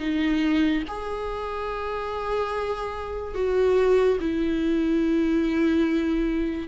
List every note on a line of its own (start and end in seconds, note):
0.00 0.83 D#4
0.88 3.35 G#4
3.35 4.18 F#4
4.20 6.68 E4